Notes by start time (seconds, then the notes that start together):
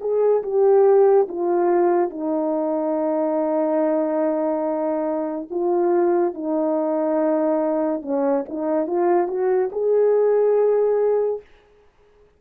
0.00 G#4
0.43 G4
1.28 F4
2.10 D#4
5.50 F4
6.34 D#4
8.02 C#4
8.49 D#4
8.87 F4
9.28 F#4
9.72 G#4